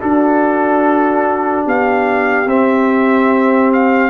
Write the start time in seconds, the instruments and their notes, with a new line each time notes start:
0.00 trombone D4, tuba D4, horn F#4, trumpet A4
1.65 tuba B3, horn G4, trumpet F5
2.46 tuba C4, trombone C4, trumpet E5
3.73 trumpet F5